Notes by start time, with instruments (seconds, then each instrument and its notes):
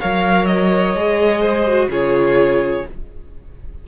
0.00 cello F#3, viola A#4, violin C#5 F5
0.45 violin D#5
0.95 cello G#3, viola G#4
1.40 violin C5
1.67 viola F#4
1.87 cello C#3, viola F4, violin G#4 C#5